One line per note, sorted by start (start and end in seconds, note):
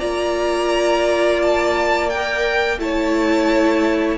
0.00 2.79 A#3
0.00 2.10 F4
0.00 2.79 D5
0.00 1.40 A#5
1.42 2.10 A5
2.10 2.80 A#4
2.10 2.80 G5
2.79 4.18 A3
2.79 4.18 E4
2.79 4.18 C#5
2.79 4.18 A5